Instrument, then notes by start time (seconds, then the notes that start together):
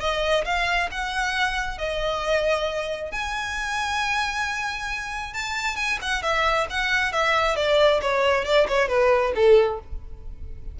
violin
0.00 D#5
0.45 F5
0.91 F#5
1.78 D#5
3.12 G#5
5.34 A5
5.76 G#5
6.01 F#5
6.22 E5
6.70 F#5
7.12 E5
7.56 D5
8.02 C#5
8.45 D5
8.68 C#5
8.88 B4
9.35 A4